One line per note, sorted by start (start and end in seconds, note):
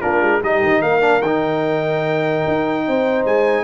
0.00 0.21 A#3
0.00 0.41 D4
0.00 0.41 F4
0.00 0.41 A#4
0.21 0.41 G#3
0.42 0.62 G3
0.42 1.00 D#4
0.42 0.81 G4
0.42 0.82 D#5
0.62 0.82 D#3
0.81 1.21 A#3
0.81 2.84 A#4
0.81 1.22 F5
1.00 1.20 D4
1.21 2.43 D#3
1.21 3.64 D#4
1.21 3.24 G5
2.47 2.87 D#4
2.87 3.25 C4
2.87 3.64 C5
3.25 3.64 G#3
3.25 3.64 G#5